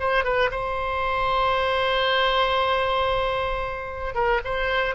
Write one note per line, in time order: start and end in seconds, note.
0.00 0.24 C5
0.24 0.50 B4
0.51 4.15 C5
4.15 4.41 A#4
4.45 4.95 C5